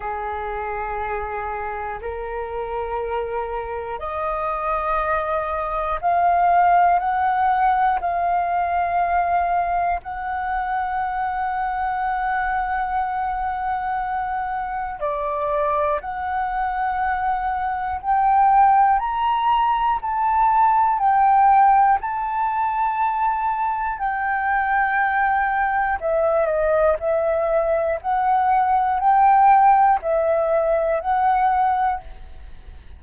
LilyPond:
\new Staff \with { instrumentName = "flute" } { \time 4/4 \tempo 4 = 60 gis'2 ais'2 | dis''2 f''4 fis''4 | f''2 fis''2~ | fis''2. d''4 |
fis''2 g''4 ais''4 | a''4 g''4 a''2 | g''2 e''8 dis''8 e''4 | fis''4 g''4 e''4 fis''4 | }